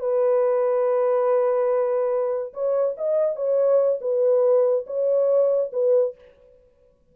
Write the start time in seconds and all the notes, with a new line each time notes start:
0.00 B4
2.54 C#5
2.98 D#5
3.36 C#5
4.01 B4
4.87 C#5
5.73 B4